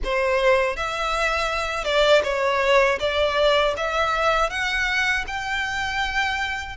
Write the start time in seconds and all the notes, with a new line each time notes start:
0.04 C5
0.76 E5
1.84 D5
2.23 C#5
2.99 D5
3.76 E5
4.50 F#5
5.27 G5